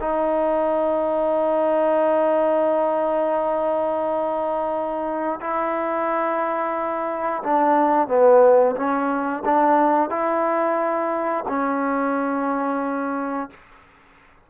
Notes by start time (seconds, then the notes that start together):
0.00 D#4
5.40 E4
7.43 D4
8.07 B3
8.75 C#4
9.45 D4
10.09 E4
11.48 C#4